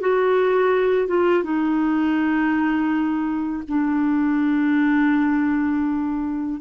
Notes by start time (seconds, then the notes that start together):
0.00 F#4
1.07 F4
1.43 D#4
3.68 D4